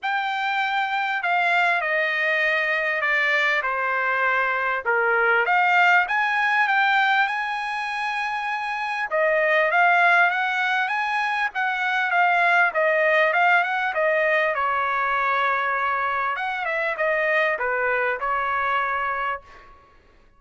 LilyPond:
\new Staff \with { instrumentName = "trumpet" } { \time 4/4 \tempo 4 = 99 g''2 f''4 dis''4~ | dis''4 d''4 c''2 | ais'4 f''4 gis''4 g''4 | gis''2. dis''4 |
f''4 fis''4 gis''4 fis''4 | f''4 dis''4 f''8 fis''8 dis''4 | cis''2. fis''8 e''8 | dis''4 b'4 cis''2 | }